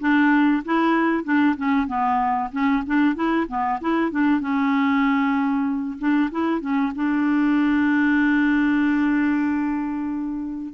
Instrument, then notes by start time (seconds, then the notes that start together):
clarinet
0.00 D4
0.65 E4
1.24 D4
1.57 C#4
1.87 B3
2.52 C#4
2.87 D4
3.15 E4
3.48 B3
3.81 E4
4.11 D4
4.41 C#4
5.99 D4
6.31 E4
6.61 C#4
6.95 D4